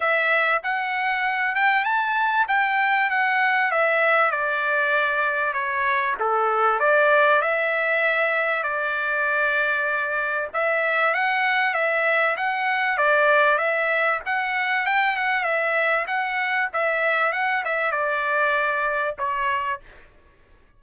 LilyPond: \new Staff \with { instrumentName = "trumpet" } { \time 4/4 \tempo 4 = 97 e''4 fis''4. g''8 a''4 | g''4 fis''4 e''4 d''4~ | d''4 cis''4 a'4 d''4 | e''2 d''2~ |
d''4 e''4 fis''4 e''4 | fis''4 d''4 e''4 fis''4 | g''8 fis''8 e''4 fis''4 e''4 | fis''8 e''8 d''2 cis''4 | }